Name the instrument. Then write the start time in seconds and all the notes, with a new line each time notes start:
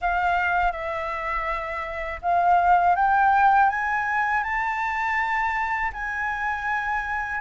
flute
0.01 F5
0.72 E5
2.22 F5
2.95 G5
3.69 G#5
4.43 A5
5.93 G#5